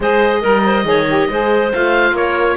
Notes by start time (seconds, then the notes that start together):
0.00 G#3 G#4 C5 D#5
0.41 G3 A#4
0.65 C5
0.83 D#3 G#4 C#5
1.09 G4
1.30 G#3 G#4 C5
1.73 A3 F4 F5
2.11 A#3 A#4 C#5